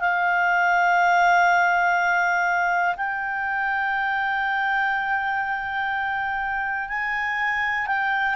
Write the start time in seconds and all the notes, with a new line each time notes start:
0.00 F5
2.96 G5
6.89 G#5
7.86 G5